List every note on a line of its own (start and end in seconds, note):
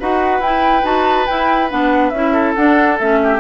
0.00 0.40 D#4
0.00 0.43 F#4
0.00 2.33 B4
0.00 0.42 F#5
0.40 0.83 E4
0.40 0.85 G5
0.83 1.26 D#4
0.83 1.26 F#4
0.83 1.27 A5
1.27 1.70 E4
1.27 1.72 E4
1.27 1.69 G5
1.70 2.12 B3
1.70 2.13 D4
1.70 2.10 F#5
2.10 2.55 C#4
2.10 2.57 E4
2.10 2.53 E5
2.33 3.19 A4
2.55 3.00 D4
2.55 2.98 F#5
2.99 3.40 A3
2.99 3.40 C#4
2.99 3.40 E5
3.23 3.40 G4